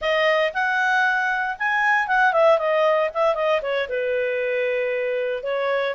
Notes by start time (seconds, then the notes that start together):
0.01 D#5
0.53 F#5
1.58 G#5
2.07 F#5
2.33 E5
2.58 D#5
3.13 E5
3.35 D#5
3.62 C#5
3.88 B4
5.43 C#5